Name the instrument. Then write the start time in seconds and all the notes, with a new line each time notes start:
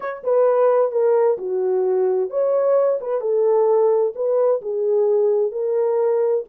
horn
0.00 C#5
0.23 B4
0.91 A#4
1.37 F#4
2.30 C#5
3.00 B4
3.20 A4
4.15 B4
4.61 G#4
5.51 A#4